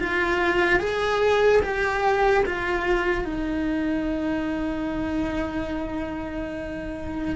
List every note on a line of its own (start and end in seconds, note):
0.00 0.79 F4
0.79 1.61 G#4
1.62 2.44 G4
2.46 3.25 F4
3.25 7.36 D#4